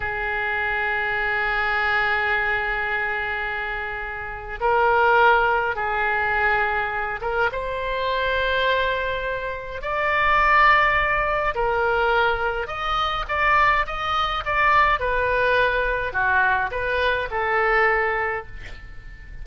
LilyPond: \new Staff \with { instrumentName = "oboe" } { \time 4/4 \tempo 4 = 104 gis'1~ | gis'1 | ais'2 gis'2~ | gis'8 ais'8 c''2.~ |
c''4 d''2. | ais'2 dis''4 d''4 | dis''4 d''4 b'2 | fis'4 b'4 a'2 | }